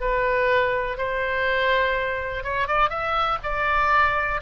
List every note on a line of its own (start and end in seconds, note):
0.00 0.97 B4
0.97 2.43 C5
2.43 2.67 C#5
2.67 2.90 D5
2.90 3.38 E5
3.43 4.41 D5